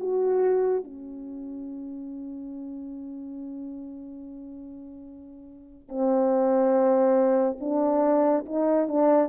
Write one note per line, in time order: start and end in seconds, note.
0.00 0.84 F#4
0.84 5.89 C#4
5.89 7.58 C4
7.61 8.45 D4
8.46 8.88 D#4
8.88 9.29 D4